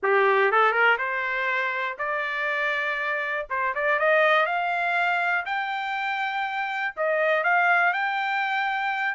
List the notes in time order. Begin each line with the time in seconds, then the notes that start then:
0.02 G4
0.51 A4
0.72 A#4
0.98 C5
1.98 D5
3.49 C5
3.74 D5
3.99 D#5
4.46 F5
5.45 G5
6.96 D#5
7.43 F5
7.93 G5